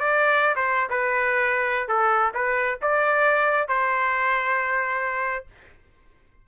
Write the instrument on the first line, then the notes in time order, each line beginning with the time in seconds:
trumpet
0.00 D5
0.56 C5
0.90 B4
1.88 A4
2.34 B4
2.82 D5
3.68 C5